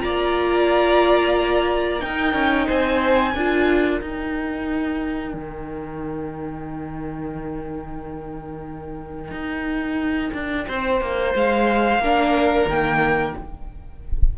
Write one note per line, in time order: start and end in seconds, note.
0.00 2.03 A#3
0.00 2.00 F4
0.00 2.04 D5
0.00 2.01 A#5
2.00 3.33 D#4
2.00 2.34 D#4
2.00 2.67 A#4
2.00 2.68 G5
2.34 2.67 C#4
2.67 3.35 C4
2.67 3.34 C5
2.67 4.00 G#5
3.34 4.01 D4
3.34 4.02 F4
3.34 10.67 A#4
4.00 5.34 D#4
4.00 12.02 D#4
4.00 11.34 G5
5.34 9.32 D#3
9.32 10.32 D#4
10.34 10.67 D4
10.68 11.02 C4
10.68 12.02 C5
11.02 11.35 A#3
11.35 11.99 G#3
11.35 12.70 F5
11.99 12.66 A#3
11.99 12.70 D4
11.99 13.36 A#4
12.67 13.34 D#3
12.67 13.38 A#3
12.67 13.36 G5